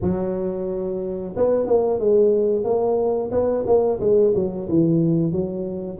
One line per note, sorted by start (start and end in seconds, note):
0.01 1.35 F#3
1.36 1.66 B3
1.66 1.99 A#3
1.99 2.63 G#3
2.63 3.30 A#3
3.31 3.64 B3
3.66 3.99 A#3
4.00 4.33 G#3
4.35 4.68 F#3
4.68 5.32 E3
5.32 5.98 F#3